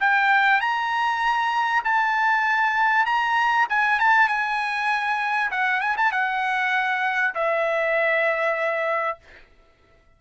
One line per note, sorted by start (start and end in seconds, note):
0.00 0.60 G5
0.60 1.83 A#5
1.84 3.06 A5
3.06 3.67 A#5
3.69 3.99 G#5
3.99 4.28 A5
4.28 5.50 G#5
5.51 5.81 F#5
5.81 5.96 G#5
5.97 6.12 A5
6.12 7.34 F#5
7.34 9.18 E5